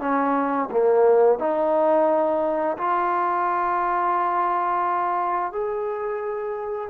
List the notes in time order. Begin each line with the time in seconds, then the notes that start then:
0.00 C#4
0.71 A#3
1.39 D#4
2.78 F4
5.52 G#4